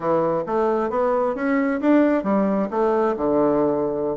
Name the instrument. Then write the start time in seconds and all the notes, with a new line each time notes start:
bassoon
0.00 E3
0.46 A3
0.90 B3
1.35 C#4
1.80 D4
2.23 G3
2.70 A3
3.17 D3